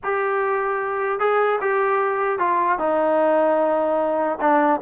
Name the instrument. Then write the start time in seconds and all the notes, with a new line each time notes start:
trombone
0.03 G4
1.19 G#4
1.60 G4
2.39 F4
2.78 D#4
4.40 D4